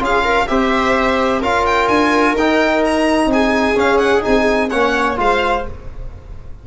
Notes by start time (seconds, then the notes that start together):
0.00 C#4 F4 G#4 F5
0.24 A#4
0.48 C4 G4 C5 E5
1.40 C#4 F4 A#4 F5
1.66 G5
1.88 D4 G#5
2.34 D#4 G5
2.85 A#5
3.26 C4 G#4
3.33 G#5
3.75 C#4 F5
3.99 F#5
4.22 C4 D#4 G#5
4.70 A#3 C#4 C#5 F#5
5.17 G#3 F4 C5 F5